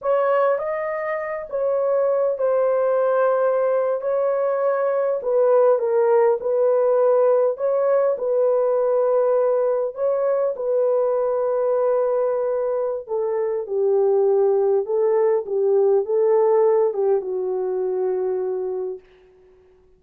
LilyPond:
\new Staff \with { instrumentName = "horn" } { \time 4/4 \tempo 4 = 101 cis''4 dis''4. cis''4. | c''2~ c''8. cis''4~ cis''16~ | cis''8. b'4 ais'4 b'4~ b'16~ | b'8. cis''4 b'2~ b'16~ |
b'8. cis''4 b'2~ b'16~ | b'2 a'4 g'4~ | g'4 a'4 g'4 a'4~ | a'8 g'8 fis'2. | }